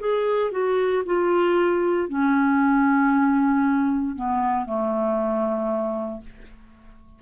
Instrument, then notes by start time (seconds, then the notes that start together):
clarinet
0.00 G#4
0.51 F#4
1.06 F4
2.09 C#4
4.16 B3
4.66 A3